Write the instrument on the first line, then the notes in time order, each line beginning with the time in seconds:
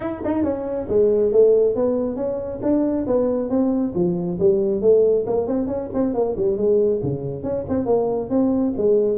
tuba
0.00 E4
0.24 D#4
0.43 C#4
0.89 G#3
1.31 A3
1.75 B3
2.16 C#4
2.62 D4
3.06 B3
3.49 C4
3.94 F3
4.39 G3
4.81 A3
5.26 A#3
5.47 C4
5.67 C#4
5.93 C4
6.13 A#3
6.36 G3
6.57 G#3
7.03 C#3
7.43 C#4
7.68 C4
7.85 A#3
8.29 C4
8.77 G#3